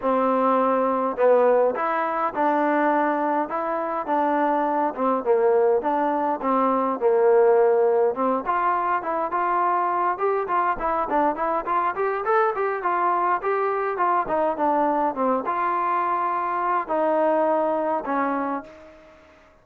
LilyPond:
\new Staff \with { instrumentName = "trombone" } { \time 4/4 \tempo 4 = 103 c'2 b4 e'4 | d'2 e'4 d'4~ | d'8 c'8 ais4 d'4 c'4 | ais2 c'8 f'4 e'8 |
f'4. g'8 f'8 e'8 d'8 e'8 | f'8 g'8 a'8 g'8 f'4 g'4 | f'8 dis'8 d'4 c'8 f'4.~ | f'4 dis'2 cis'4 | }